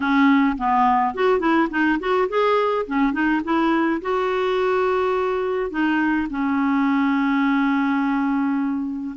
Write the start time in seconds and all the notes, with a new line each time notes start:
0.00 C#4
0.57 B3
1.14 F#4
1.39 E4
1.70 D#4
1.99 F#4
2.28 G#4
2.86 C#4
3.12 D#4
3.44 E4
4.01 F#4
5.70 D#4
6.30 C#4